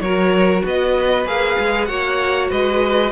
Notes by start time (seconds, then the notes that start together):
0.00 F#3 F#4 A#4 C#5
0.65 B3 B4 D#5
1.25 A#3 G#4 F5
1.59 G#3
1.85 A#3 F#4 C#5 F#5
2.50 G#3 B4 D#5